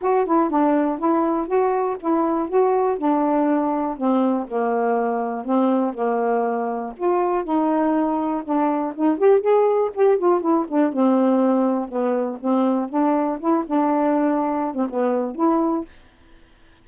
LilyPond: \new Staff \with { instrumentName = "saxophone" } { \time 4/4 \tempo 4 = 121 fis'8 e'8 d'4 e'4 fis'4 | e'4 fis'4 d'2 | c'4 ais2 c'4 | ais2 f'4 dis'4~ |
dis'4 d'4 dis'8 g'8 gis'4 | g'8 f'8 e'8 d'8 c'2 | b4 c'4 d'4 e'8 d'8~ | d'4.~ d'16 c'16 b4 e'4 | }